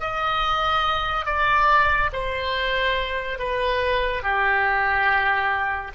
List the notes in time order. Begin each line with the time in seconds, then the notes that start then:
0.00 D#5
1.26 D5
2.13 C5
3.39 B4
4.23 G4